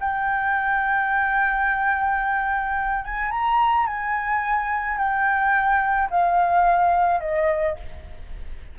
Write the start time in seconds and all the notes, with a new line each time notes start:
0.00 G5
3.05 G#5
3.31 A#5
3.87 G#5
4.98 G5
6.10 F5
7.20 D#5